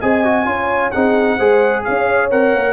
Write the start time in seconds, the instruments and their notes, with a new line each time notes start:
0.00 tuba C4, trombone G#4, horn D#5, trumpet G#5
0.24 trombone F#4
0.45 tuba C#4, trombone F4, horn C#5
0.91 tuba C4, trombone D#4, horn G#4, trumpet F#5
1.36 tuba G#3, trombone G#4, horn C5
1.84 tuba C#4, horn C#5, trumpet F5
2.30 tuba C4, trombone A#4, trumpet F#5
2.54 tuba A#3